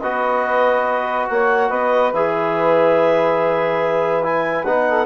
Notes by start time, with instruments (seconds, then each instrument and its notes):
0.00 bassoon B3, trombone F#4, saxophone B4, clarinet D#5
1.28 bassoon A#3, saxophone C#5, clarinet F#5
1.68 bassoon B3, saxophone B4, clarinet D#5
2.13 bassoon E3, trombone G#4, clarinet E5
4.22 trombone E4, clarinet G#5
4.64 bassoon B3, trombone D#4, clarinet F#5
4.88 saxophone A4